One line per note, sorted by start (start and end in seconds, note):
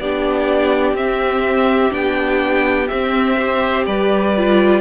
0.00 0.93 B3
0.00 0.97 D4
0.00 3.37 G4
0.00 0.96 D5
0.93 1.90 C4
0.93 1.91 C4
0.93 1.93 E5
1.91 2.90 B3
1.91 2.88 D4
1.91 2.87 G5
2.87 3.87 C4
2.87 3.39 C4
2.87 3.84 E5
3.37 4.35 G4
3.37 3.85 C5
3.86 4.81 G3
3.86 4.81 B4
3.86 4.81 D5
4.37 4.81 F4